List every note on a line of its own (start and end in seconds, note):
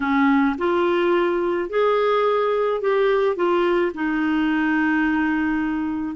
0.00 0.56 C#4
0.58 1.69 F4
1.69 2.81 G#4
2.81 3.35 G4
3.35 3.92 F4
3.94 6.15 D#4